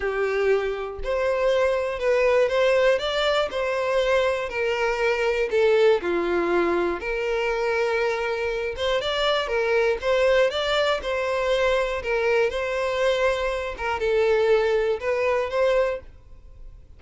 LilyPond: \new Staff \with { instrumentName = "violin" } { \time 4/4 \tempo 4 = 120 g'2 c''2 | b'4 c''4 d''4 c''4~ | c''4 ais'2 a'4 | f'2 ais'2~ |
ais'4. c''8 d''4 ais'4 | c''4 d''4 c''2 | ais'4 c''2~ c''8 ais'8 | a'2 b'4 c''4 | }